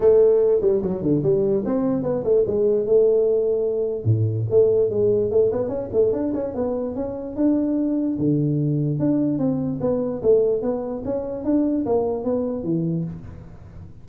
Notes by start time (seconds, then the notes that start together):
0.00 A3
0.61 G3
0.82 F#3
1.02 D3
1.22 G3
1.65 C4
2.03 B3
2.24 A3
2.46 G#3
2.86 A3
4.04 A2
4.50 A3
4.90 G#3
5.30 A3
5.52 B3
5.68 C#4
5.92 A3
6.12 D4
6.34 C#4
6.54 B3
6.95 C#4
7.36 D4
8.18 D3
8.99 D4
9.38 C4
9.80 B3
10.22 A3
10.62 B3
11.04 C#4
11.44 D4
11.85 A#3
12.24 B3
12.63 E3